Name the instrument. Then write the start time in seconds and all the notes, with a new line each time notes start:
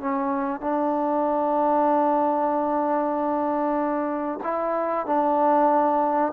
trombone
0.00 C#4
0.60 D4
4.43 E4
5.06 D4